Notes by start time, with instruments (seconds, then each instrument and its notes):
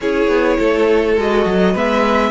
0.01 cello C#4, viola E4, violin G#4 C#5
0.28 cello B3
0.58 cello A3, violin A4
1.16 cello G#3, viola F#4, violin D#5
1.45 cello F#3
1.73 cello G#3, viola B3, violin B4 E5